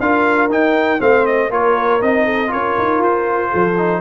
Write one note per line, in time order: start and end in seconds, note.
0.00 0.49 D4
0.00 0.50 F4
0.00 1.01 A#4
0.00 0.51 F5
0.49 0.99 D#4
0.49 1.01 G5
0.99 1.51 A3
0.99 1.49 C4
0.99 1.50 C5
0.99 1.26 F5
1.26 1.51 D#5
1.50 2.01 A#3
1.50 2.01 F4
1.50 2.25 A#4
1.50 2.02 C#5
2.01 2.52 C4
2.01 2.47 D#4
2.01 2.52 D#5
2.25 2.50 A4
2.47 2.77 C#4
2.47 3.74 F4
2.47 3.50 A#4
2.47 3.02 C#5
2.78 2.99 D#4
2.99 3.49 F4
2.99 4.01 C5
3.50 4.01 F3
3.50 4.01 A4
3.78 4.01 D#4